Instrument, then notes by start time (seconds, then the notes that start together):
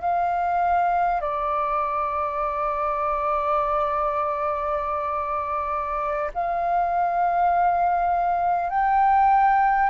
flute
0.00 F5
1.21 D5
6.34 F5
8.69 G5